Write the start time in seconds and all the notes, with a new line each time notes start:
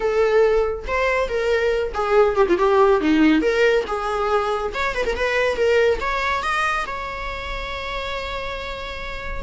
0.00 A4
0.87 C5
1.28 A#4
1.94 G#4
2.36 G4
2.49 F4
2.58 G4
3.00 D#4
3.41 A#4
3.86 G#4
4.74 C#5
4.94 B4
5.05 A#4
5.15 B4
5.56 A#4
6.00 C#5
6.42 D#5
6.86 C#5